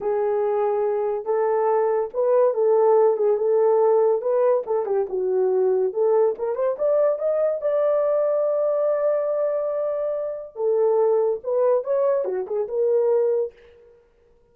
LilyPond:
\new Staff \with { instrumentName = "horn" } { \time 4/4 \tempo 4 = 142 gis'2. a'4~ | a'4 b'4 a'4. gis'8 | a'2 b'4 a'8 g'8 | fis'2 a'4 ais'8 c''8 |
d''4 dis''4 d''2~ | d''1~ | d''4 a'2 b'4 | cis''4 fis'8 gis'8 ais'2 | }